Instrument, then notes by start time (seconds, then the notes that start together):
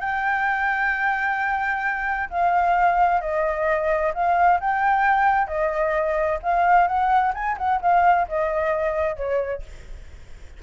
flute
0.00 G5
2.29 F5
3.20 D#5
4.14 F5
4.60 G5
5.47 D#5
6.42 F5
6.87 F#5
7.34 G#5
7.57 F#5
7.81 F5
8.28 D#5
9.16 C#5